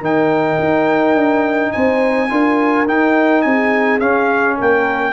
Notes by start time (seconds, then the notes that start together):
0.00 D#3 D#4 A#4 G5
0.59 D#4
1.15 D4
1.72 C4 C5 G#5
2.29 D4 F4 A#4
2.87 D#4 G5
3.41 C4 G#4 G#5
3.99 C#4 F5
4.57 A#3 A#4 G5